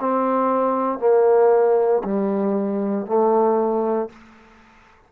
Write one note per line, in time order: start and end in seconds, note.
0.00 0.99 C4
0.99 2.02 A#3
2.04 3.06 G3
3.06 4.09 A3